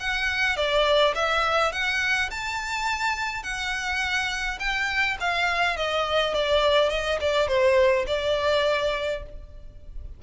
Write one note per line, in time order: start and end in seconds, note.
0.00 0.56 F#5
0.56 1.14 D5
1.15 1.72 E5
1.72 2.30 F#5
2.31 3.43 A5
3.43 4.58 F#5
4.59 5.17 G5
5.20 5.77 F5
5.77 6.34 D#5
6.34 6.89 D5
6.89 7.18 D#5
7.21 7.48 D5
7.48 8.06 C5
8.07 9.23 D5